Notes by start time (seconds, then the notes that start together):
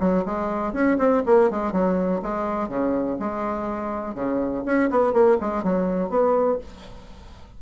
0.00 F#3
0.25 G#3
0.73 C#4
0.98 C4
1.26 A#3
1.50 G#3
1.73 F#3
2.22 G#3
2.69 C#3
3.20 G#3
4.15 C#3
4.65 C#4
4.90 B3
5.13 A#3
5.41 G#3
5.64 F#3
6.10 B3